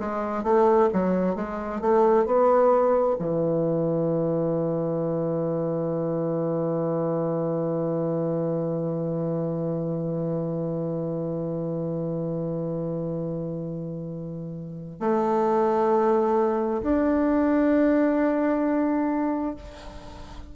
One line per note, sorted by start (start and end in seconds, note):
0.00 0.44 G#3
0.44 0.89 A3
0.93 1.36 F#3
1.36 1.81 G#3
1.81 2.26 A3
2.26 3.17 B3
3.19 15.00 E3
15.00 16.82 A3
16.83 19.56 D4